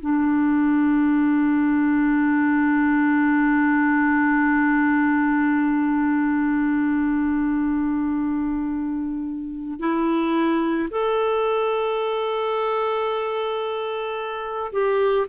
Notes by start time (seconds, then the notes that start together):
0.00 D4
9.80 E4
10.90 A4
14.73 G4